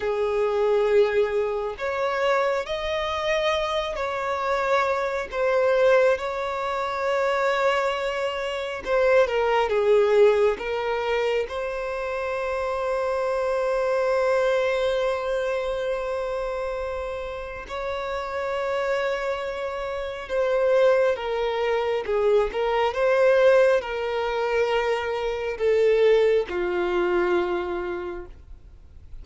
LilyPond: \new Staff \with { instrumentName = "violin" } { \time 4/4 \tempo 4 = 68 gis'2 cis''4 dis''4~ | dis''8 cis''4. c''4 cis''4~ | cis''2 c''8 ais'8 gis'4 | ais'4 c''2.~ |
c''1 | cis''2. c''4 | ais'4 gis'8 ais'8 c''4 ais'4~ | ais'4 a'4 f'2 | }